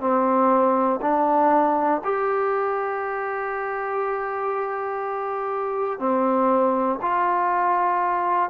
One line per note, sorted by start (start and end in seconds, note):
0.00 1.00 C4
1.01 2.01 D4
2.04 5.99 G4
5.99 6.99 C4
7.01 8.50 F4